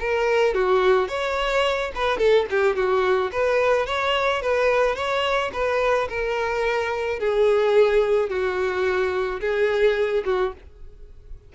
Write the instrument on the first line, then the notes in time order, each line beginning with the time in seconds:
violin
0.00 A#4
0.55 F#4
1.08 C#5
1.95 B4
2.18 A4
2.51 G4
2.76 F#4
3.32 B4
3.87 C#5
4.42 B4
4.96 C#5
5.53 B4
6.09 A#4
7.20 G#4
8.30 F#4
9.41 G#4
10.26 F#4